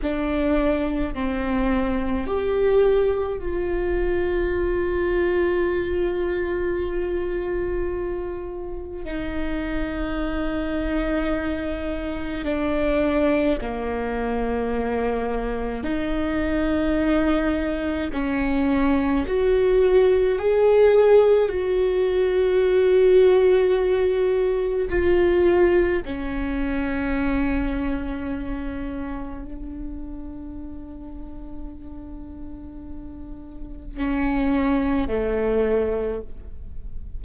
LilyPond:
\new Staff \with { instrumentName = "viola" } { \time 4/4 \tempo 4 = 53 d'4 c'4 g'4 f'4~ | f'1 | dis'2. d'4 | ais2 dis'2 |
cis'4 fis'4 gis'4 fis'4~ | fis'2 f'4 cis'4~ | cis'2 d'2~ | d'2 cis'4 a4 | }